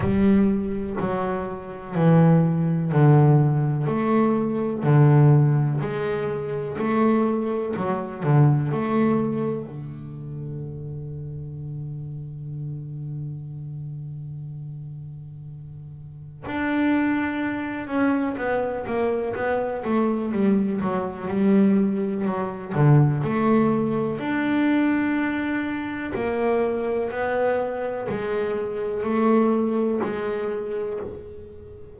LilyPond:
\new Staff \with { instrumentName = "double bass" } { \time 4/4 \tempo 4 = 62 g4 fis4 e4 d4 | a4 d4 gis4 a4 | fis8 d8 a4 d2~ | d1~ |
d4 d'4. cis'8 b8 ais8 | b8 a8 g8 fis8 g4 fis8 d8 | a4 d'2 ais4 | b4 gis4 a4 gis4 | }